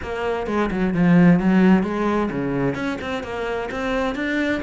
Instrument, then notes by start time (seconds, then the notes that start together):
cello
0.02 A#3
0.46 G#3
0.70 F#3
0.94 F3
1.39 F#3
1.83 G#3
2.31 C#3
2.75 C#4
3.01 C4
3.23 A#3
3.71 C4
4.15 D4